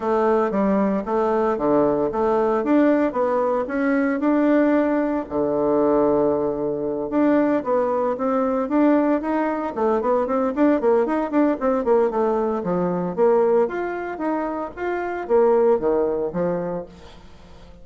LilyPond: \new Staff \with { instrumentName = "bassoon" } { \time 4/4 \tempo 4 = 114 a4 g4 a4 d4 | a4 d'4 b4 cis'4 | d'2 d2~ | d4. d'4 b4 c'8~ |
c'8 d'4 dis'4 a8 b8 c'8 | d'8 ais8 dis'8 d'8 c'8 ais8 a4 | f4 ais4 f'4 dis'4 | f'4 ais4 dis4 f4 | }